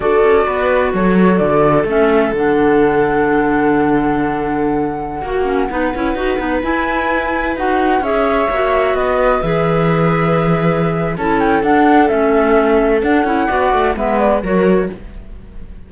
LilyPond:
<<
  \new Staff \with { instrumentName = "flute" } { \time 4/4 \tempo 4 = 129 d''2 cis''4 d''4 | e''4 fis''2.~ | fis''1~ | fis''2~ fis''16 gis''4.~ gis''16~ |
gis''16 fis''4 e''2 dis''8.~ | dis''16 e''2.~ e''8. | a''8 g''8 fis''4 e''2 | fis''2 e''8 d''8 cis''4 | }
  \new Staff \with { instrumentName = "viola" } { \time 4/4 a'4 b'4 a'2~ | a'1~ | a'2.~ a'16 fis'8.~ | fis'16 b'2.~ b'8.~ |
b'4~ b'16 cis''2 b'8.~ | b'1 | a'1~ | a'4 d''4 b'4 ais'4 | }
  \new Staff \with { instrumentName = "clarinet" } { \time 4/4 fis'1 | cis'4 d'2.~ | d'2.~ d'16 fis'8 cis'16~ | cis'16 dis'8 e'8 fis'8 dis'8 e'4.~ e'16~ |
e'16 fis'4 gis'4 fis'4.~ fis'16~ | fis'16 gis'2.~ gis'8. | e'4 d'4 cis'2 | d'8 e'8 fis'4 b4 fis'4 | }
  \new Staff \with { instrumentName = "cello" } { \time 4/4 d'8 cis'8 b4 fis4 d4 | a4 d2.~ | d2.~ d16 ais8.~ | ais16 b8 cis'8 dis'8 b8 e'4.~ e'16~ |
e'16 dis'4 cis'4 ais4 b8.~ | b16 e2.~ e8. | cis'4 d'4 a2 | d'8 cis'8 b8 a8 gis4 fis4 | }
>>